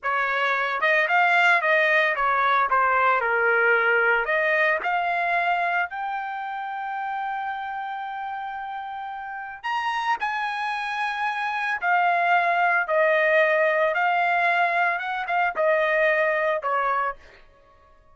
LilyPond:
\new Staff \with { instrumentName = "trumpet" } { \time 4/4 \tempo 4 = 112 cis''4. dis''8 f''4 dis''4 | cis''4 c''4 ais'2 | dis''4 f''2 g''4~ | g''1~ |
g''2 ais''4 gis''4~ | gis''2 f''2 | dis''2 f''2 | fis''8 f''8 dis''2 cis''4 | }